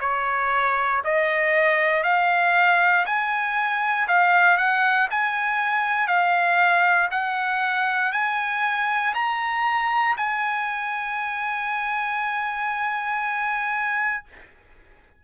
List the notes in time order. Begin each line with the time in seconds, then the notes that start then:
0.00 C#5
1.04 D#5
2.03 F5
3.06 G#5
4.07 F5
4.57 F#5
5.10 G#5
6.07 F5
7.10 F#5
8.12 G#5
9.14 A#5
10.16 G#5